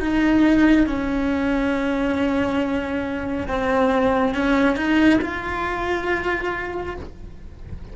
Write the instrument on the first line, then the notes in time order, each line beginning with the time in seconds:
cello
0.00 D#4
0.87 C#4
3.48 C4
4.34 C#4
4.76 D#4
5.21 F4